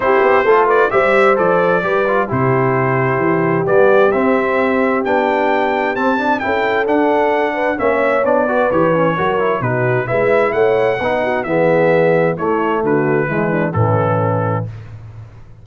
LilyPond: <<
  \new Staff \with { instrumentName = "trumpet" } { \time 4/4 \tempo 4 = 131 c''4. d''8 e''4 d''4~ | d''4 c''2. | d''4 e''2 g''4~ | g''4 a''4 g''4 fis''4~ |
fis''4 e''4 d''4 cis''4~ | cis''4 b'4 e''4 fis''4~ | fis''4 e''2 cis''4 | b'2 a'2 | }
  \new Staff \with { instrumentName = "horn" } { \time 4/4 g'4 a'8 b'8 c''2 | b'4 g'2.~ | g'1~ | g'2 a'2~ |
a'8 b'8 cis''4. b'4. | ais'4 fis'4 b'4 cis''4 | b'8 fis'8 gis'2 e'4 | fis'4 e'8 d'8 cis'2 | }
  \new Staff \with { instrumentName = "trombone" } { \time 4/4 e'4 f'4 g'4 a'4 | g'8 f'8 e'2. | b4 c'2 d'4~ | d'4 c'8 d'8 e'4 d'4~ |
d'4 cis'4 d'8 fis'8 g'8 cis'8 | fis'8 e'8 dis'4 e'2 | dis'4 b2 a4~ | a4 gis4 e2 | }
  \new Staff \with { instrumentName = "tuba" } { \time 4/4 c'8 b8 a4 g4 f4 | g4 c2 e4 | g4 c'2 b4~ | b4 c'4 cis'4 d'4~ |
d'4 ais4 b4 e4 | fis4 b,4 gis4 a4 | b4 e2 a4 | d4 e4 a,2 | }
>>